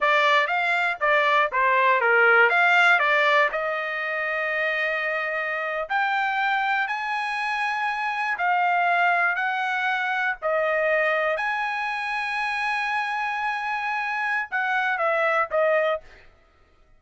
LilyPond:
\new Staff \with { instrumentName = "trumpet" } { \time 4/4 \tempo 4 = 120 d''4 f''4 d''4 c''4 | ais'4 f''4 d''4 dis''4~ | dis''2.~ dis''8. g''16~ | g''4.~ g''16 gis''2~ gis''16~ |
gis''8. f''2 fis''4~ fis''16~ | fis''8. dis''2 gis''4~ gis''16~ | gis''1~ | gis''4 fis''4 e''4 dis''4 | }